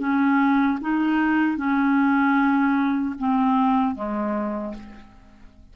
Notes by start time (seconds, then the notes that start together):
0.00 C#4
0.81 D#4
1.58 C#4
3.19 C4
3.95 G#3